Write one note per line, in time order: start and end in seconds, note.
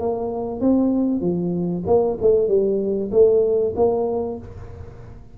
0.00 0.61 A#3
0.61 1.21 C4
1.21 1.84 F3
1.87 2.18 A#3
2.22 2.48 A3
2.48 3.11 G3
3.12 3.74 A3
3.76 4.39 A#3